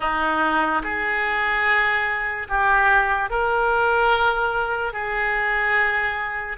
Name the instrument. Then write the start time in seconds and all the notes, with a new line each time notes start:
oboe
0.00 D#4
0.83 G#4
2.48 G4
3.30 A#4
4.92 G#4